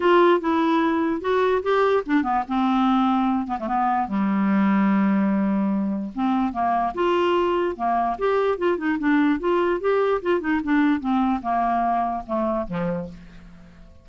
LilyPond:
\new Staff \with { instrumentName = "clarinet" } { \time 4/4 \tempo 4 = 147 f'4 e'2 fis'4 | g'4 d'8 b8 c'2~ | c'8 b16 a16 b4 g2~ | g2. c'4 |
ais4 f'2 ais4 | g'4 f'8 dis'8 d'4 f'4 | g'4 f'8 dis'8 d'4 c'4 | ais2 a4 f4 | }